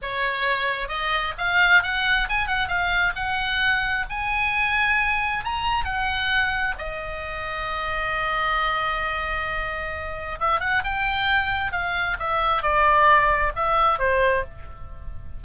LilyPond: \new Staff \with { instrumentName = "oboe" } { \time 4/4 \tempo 4 = 133 cis''2 dis''4 f''4 | fis''4 gis''8 fis''8 f''4 fis''4~ | fis''4 gis''2. | ais''4 fis''2 dis''4~ |
dis''1~ | dis''2. e''8 fis''8 | g''2 f''4 e''4 | d''2 e''4 c''4 | }